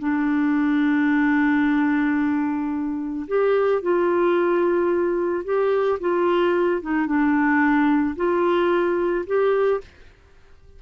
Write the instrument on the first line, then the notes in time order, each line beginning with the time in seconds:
clarinet
0.00 D4
3.28 G4
3.82 F4
5.45 G4
6.00 F4
6.82 D#4
7.07 D4
8.16 F4
9.27 G4